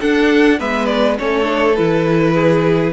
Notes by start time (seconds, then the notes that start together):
0.00 D4 A4 F#5
0.58 G#3 B3 B4 E5
0.85 D5
1.18 A3 C#4 A4 C#5
1.43 D4
1.75 E3 E4 B4
2.34 G#4